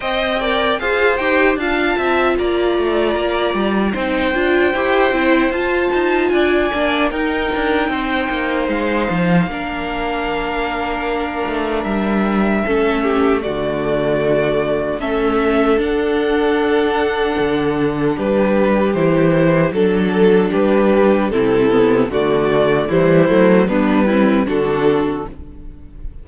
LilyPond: <<
  \new Staff \with { instrumentName = "violin" } { \time 4/4 \tempo 4 = 76 g''4 f''8 g''8 a''4 ais''4~ | ais''4 g''2 a''4 | gis''4 g''2 f''4~ | f''2. e''4~ |
e''4 d''2 e''4 | fis''2. b'4 | c''4 a'4 b'4 a'4 | d''4 c''4 b'4 a'4 | }
  \new Staff \with { instrumentName = "violin" } { \time 4/4 dis''8 d''8 c''4 f''8 e''8 d''4~ | d''4 c''2. | d''4 ais'4 c''2 | ais'1 |
a'8 g'8 fis'2 a'4~ | a'2. g'4~ | g'4 a'4 g'4 e'4 | fis'4 e'4 d'8 e'8 fis'4 | }
  \new Staff \with { instrumentName = "viola" } { \time 4/4 c''8 ais'8 gis'8 g'8 f'2~ | f'4 dis'8 f'8 g'8 e'8 f'4~ | f'8 d'8 dis'2. | d'1 |
cis'4 a2 cis'4 | d'1 | e'4 d'2 c'8 b8 | a4 g8 a8 b8 c'8 d'4 | }
  \new Staff \with { instrumentName = "cello" } { \time 4/4 c'4 f'8 dis'8 d'8 c'8 ais8 a8 | ais8 g8 c'8 d'8 e'8 c'8 f'8 dis'8 | d'8 ais8 dis'8 d'8 c'8 ais8 gis8 f8 | ais2~ ais8 a8 g4 |
a4 d2 a4 | d'2 d4 g4 | e4 fis4 g4 c4 | d4 e8 fis8 g4 d4 | }
>>